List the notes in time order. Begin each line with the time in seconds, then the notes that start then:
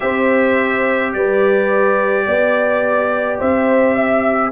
0.00 C4 G4 C5 E5
1.13 G3 B4 D5
2.26 B3 D5
3.39 C4 C5 E5
3.95 E5